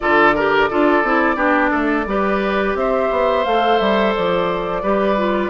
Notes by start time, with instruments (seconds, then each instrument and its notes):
0.00 bassoon D3, clarinet F4, oboe A4, flute D5
0.35 clarinet G4, oboe A#4
0.70 bassoon D4, clarinet F4, oboe A4
1.03 bassoon C4, clarinet E4
1.35 bassoon B3, clarinet D4, oboe G4
1.70 bassoon A3, oboe A4
2.05 bassoon G3, clarinet G4, oboe B4
2.74 bassoon C4, oboe C5, flute E5
3.10 bassoon B3
3.44 bassoon A3, clarinet A4, flute F5
3.78 bassoon G3, flute E5
4.15 bassoon F3, flute D5
4.82 bassoon G3, clarinet G4, oboe B4
5.17 clarinet F4